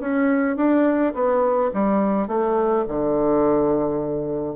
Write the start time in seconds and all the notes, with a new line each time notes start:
0.00 C#4
0.57 D4
1.14 B3
1.74 G3
2.28 A3
2.88 D3